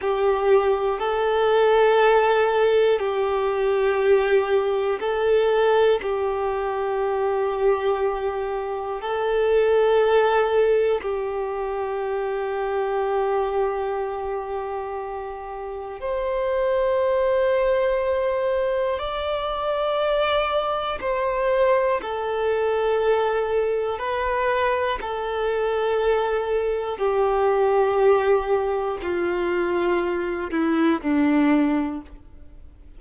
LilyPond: \new Staff \with { instrumentName = "violin" } { \time 4/4 \tempo 4 = 60 g'4 a'2 g'4~ | g'4 a'4 g'2~ | g'4 a'2 g'4~ | g'1 |
c''2. d''4~ | d''4 c''4 a'2 | b'4 a'2 g'4~ | g'4 f'4. e'8 d'4 | }